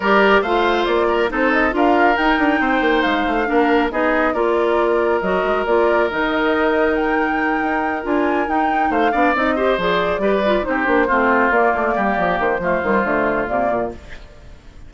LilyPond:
<<
  \new Staff \with { instrumentName = "flute" } { \time 4/4 \tempo 4 = 138 d''4 f''4 d''4 c''8 dis''8 | f''4 g''2 f''4~ | f''4 dis''4 d''2 | dis''4 d''4 dis''2 |
g''2~ g''8 gis''4 g''8~ | g''8 f''4 dis''4 d''4.~ | d''8 c''2 d''4.~ | d''8 c''2~ c''8 d''4 | }
  \new Staff \with { instrumentName = "oboe" } { \time 4/4 ais'4 c''4. ais'8 a'4 | ais'2 c''2 | ais'4 gis'4 ais'2~ | ais'1~ |
ais'1~ | ais'8 c''8 d''4 c''4. b'8~ | b'8 g'4 f'2 g'8~ | g'4 f'2. | }
  \new Staff \with { instrumentName = "clarinet" } { \time 4/4 g'4 f'2 dis'4 | f'4 dis'2. | d'4 dis'4 f'2 | fis'4 f'4 dis'2~ |
dis'2~ dis'8 f'4 dis'8~ | dis'4 d'8 dis'8 g'8 gis'4 g'8 | f'8 dis'8 d'8 c'4 ais4.~ | ais4 a8 g8 a4 ais4 | }
  \new Staff \with { instrumentName = "bassoon" } { \time 4/4 g4 a4 ais4 c'4 | d'4 dis'8 d'8 c'8 ais8 gis8 a8 | ais4 b4 ais2 | fis8 gis8 ais4 dis2~ |
dis4. dis'4 d'4 dis'8~ | dis'8 a8 b8 c'4 f4 g8~ | g8 c'8 ais8 a4 ais8 a8 g8 | f8 dis8 f8 dis8 d4 c8 ais,8 | }
>>